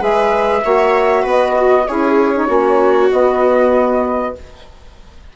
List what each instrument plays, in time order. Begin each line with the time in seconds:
0.00 bassoon G#3, saxophone G#4, viola B4, flute E5
0.62 bassoon A#3, saxophone F#4, viola C#5
1.22 bassoon B3, viola B4
1.30 flute D#5
1.55 viola F#4
1.87 bassoon C#4, saxophone E4, viola G#4, flute C#5
2.35 saxophone D#4
2.47 bassoon A#3, saxophone C#4, viola F#4
3.11 saxophone B3, bassoon B3, flute D#5